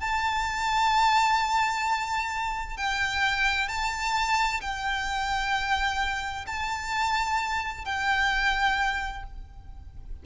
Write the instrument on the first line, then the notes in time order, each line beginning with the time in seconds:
violin
0.00 A5
2.77 G5
3.68 A5
4.60 G5
6.46 A5
7.85 G5